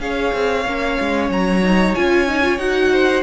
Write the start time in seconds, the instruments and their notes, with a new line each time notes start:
0.00 cello C#4, viola G#4, violin C#5 F5
0.35 cello C4
0.66 cello A#3, viola C#4
1.01 cello G#3
1.30 cello F#3, violin A#5
1.64 viola D#4
1.95 cello C#4, viola F4, violin G#5
2.28 viola D#4
2.43 viola F4
2.58 cello D#4, viola F#4, violin F#5
2.93 violin C5